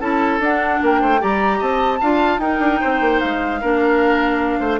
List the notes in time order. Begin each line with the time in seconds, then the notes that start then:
0.00 C#4 E4 A4 A5
0.39 D4 F#5
0.82 A#3 A#4 G5
1.01 A3 C5
1.19 G3 G4 D5 A#5
1.58 C4 D#5 A5
2.00 D4 F4 F5
2.38 D#4 A#4 G5
2.59 D4
2.81 C4 C5
3.01 A#3
3.20 G#3 F5
3.61 A#3 D4 A#4
4.59 A3 C5